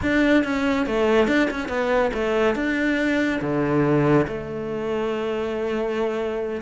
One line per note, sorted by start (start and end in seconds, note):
0.02 0.44 D4
0.44 0.86 C#4
0.86 1.27 A3
1.27 1.49 D4
1.50 1.68 C#4
1.68 2.10 B3
2.13 2.55 A3
2.55 3.40 D4
3.41 4.26 D3
4.27 6.61 A3